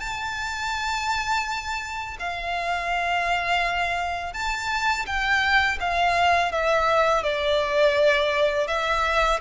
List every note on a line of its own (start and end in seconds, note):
0.00 2.17 A5
2.19 4.34 F5
4.34 5.06 A5
5.06 5.78 G5
5.81 6.52 F5
6.52 7.23 E5
7.23 8.67 D5
8.67 9.40 E5